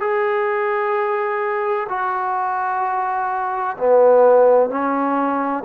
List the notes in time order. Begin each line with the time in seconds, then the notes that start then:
0.00 G#4
1.89 F#4
3.77 B3
4.70 C#4